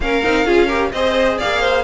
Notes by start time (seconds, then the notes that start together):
0.00 A#3 C#4 A#4 F5
0.23 C4 D#4
0.45 C#4 F4 G#4
0.66 G4 A#4
0.91 C4 G#4 C5 D#5
1.38 A#3 D5 F5
1.60 C5